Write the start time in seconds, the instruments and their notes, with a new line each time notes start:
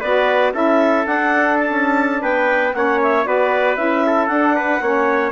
0.00 bassoon B3, saxophone F#4, trumpet B4, clarinet D5
0.53 bassoon C#4, saxophone E4, trumpet A4, clarinet E5
1.04 saxophone D4, bassoon D4, clarinet F#5
1.59 clarinet A5
1.70 bassoon C#4
2.22 bassoon B3, trumpet B4, clarinet G5
2.73 bassoon A#3, saxophone C#4, trumpet C#5, clarinet F#5
3.02 clarinet E5
3.24 bassoon B3, saxophone F#4, trumpet B4, clarinet D5
3.76 bassoon C#4, saxophone E4, clarinet E5
4.06 trumpet A4
4.27 bassoon D4, saxophone D4, clarinet F#5
4.55 trumpet B4
4.81 bassoon A#3, saxophone C#4, trumpet C#5